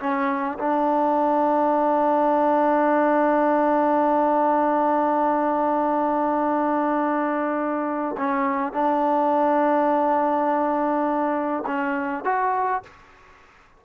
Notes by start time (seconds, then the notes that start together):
0.00 C#4
0.59 D4
8.18 C#4
8.73 D4
11.67 C#4
12.25 F#4